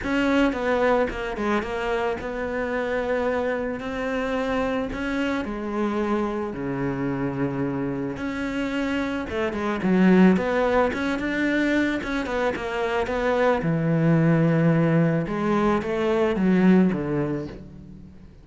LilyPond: \new Staff \with { instrumentName = "cello" } { \time 4/4 \tempo 4 = 110 cis'4 b4 ais8 gis8 ais4 | b2. c'4~ | c'4 cis'4 gis2 | cis2. cis'4~ |
cis'4 a8 gis8 fis4 b4 | cis'8 d'4. cis'8 b8 ais4 | b4 e2. | gis4 a4 fis4 d4 | }